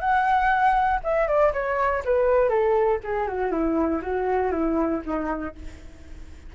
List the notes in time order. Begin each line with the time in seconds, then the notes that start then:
0.00 F#5
1.04 E5
1.27 D5
1.53 C#5
2.05 B4
2.49 A4
3.04 G#4
3.27 F#4
3.51 E4
4.02 F#4
4.52 E4
5.05 D#4